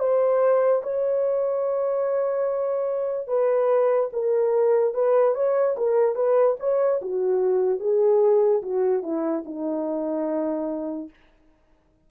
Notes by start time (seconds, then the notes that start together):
0.00 C5
0.83 C#5
3.28 B4
4.13 A#4
4.94 B4
5.35 C#5
5.78 A#4
6.15 B4
6.60 C#5
7.02 F#4
7.80 G#4
8.63 F#4
9.03 E4
9.46 D#4